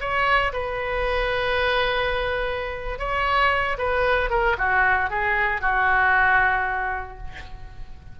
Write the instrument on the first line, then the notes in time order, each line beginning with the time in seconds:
oboe
0.00 C#5
0.53 B4
2.99 C#5
3.78 B4
4.30 A#4
4.57 F#4
5.10 G#4
5.61 F#4